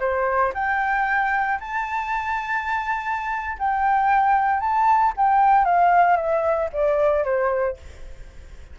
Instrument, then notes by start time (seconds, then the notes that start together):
flute
0.00 C5
0.54 G5
1.60 A5
3.59 G5
4.60 A5
5.16 G5
5.64 F5
6.16 E5
6.73 D5
7.24 C5